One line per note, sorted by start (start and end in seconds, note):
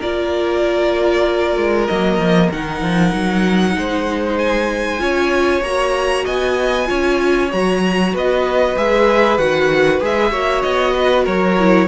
0.00 1.57 A#3
0.00 1.90 F4
0.00 3.75 A#4
0.00 1.88 D5
1.57 1.88 G#3
1.88 2.18 F#3
1.88 2.53 A#3
1.88 2.50 D#5
2.18 2.50 F3
2.52 2.82 D#3
2.52 4.99 D#4
2.52 4.38 F#5
2.82 3.13 F3
3.14 3.77 F#3
3.77 5.01 G#3
3.77 5.03 C5
4.38 5.63 G#5
4.99 5.62 C#4
4.99 5.61 F4
4.99 6.25 C#5
5.62 6.25 A#3
5.62 6.86 F#4
5.62 6.26 A#5
6.25 6.90 B3
6.25 6.88 D#5
6.25 7.52 G#5
6.86 7.53 C#4
6.86 7.49 F4
6.86 8.14 C#5
7.52 8.14 F#3
7.52 8.76 F#4
7.52 8.15 A#5
8.14 8.77 B3
8.14 10.32 B4
8.14 8.78 D#5
8.76 9.38 G#3
8.76 9.39 G#4
8.76 9.38 E5
9.38 10.01 D#3
9.38 10.01 F#4
9.38 10.01 F#5
10.01 10.32 G#3
10.01 10.32 G#4
10.01 10.63 E5
10.32 10.63 A#3
10.32 11.57 F#4
10.32 10.94 C#5
10.63 11.27 B3
10.63 11.25 D#5
10.95 11.24 B4
11.24 11.89 F#3
11.24 11.87 A#4
11.24 11.89 C#5
11.60 11.89 E4